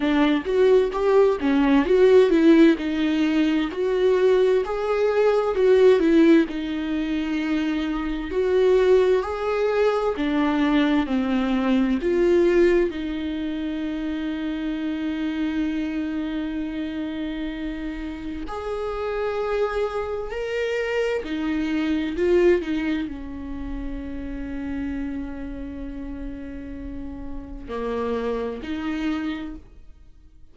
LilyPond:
\new Staff \with { instrumentName = "viola" } { \time 4/4 \tempo 4 = 65 d'8 fis'8 g'8 cis'8 fis'8 e'8 dis'4 | fis'4 gis'4 fis'8 e'8 dis'4~ | dis'4 fis'4 gis'4 d'4 | c'4 f'4 dis'2~ |
dis'1 | gis'2 ais'4 dis'4 | f'8 dis'8 cis'2.~ | cis'2 ais4 dis'4 | }